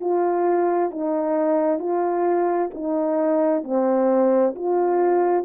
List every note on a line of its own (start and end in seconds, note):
0.00 0.90 F4
0.90 1.79 D#4
1.79 2.70 F4
2.74 3.63 D#4
3.63 4.54 C4
4.55 5.45 F4